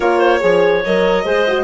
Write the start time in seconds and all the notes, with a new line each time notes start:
0.00 A#3 F4 A#4 C#5
0.18 C5
0.40 F3 G#4 C#5
0.85 F#3 A#4 D#5
1.24 G#3 G#4 C5
1.47 F#4